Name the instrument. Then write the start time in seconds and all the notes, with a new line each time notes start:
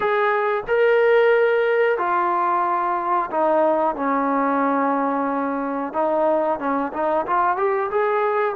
trombone
0.00 G#4
0.67 A#4
1.98 F4
3.30 D#4
3.95 C#4
5.93 D#4
6.59 C#4
6.92 D#4
7.26 F4
7.56 G4
7.91 G#4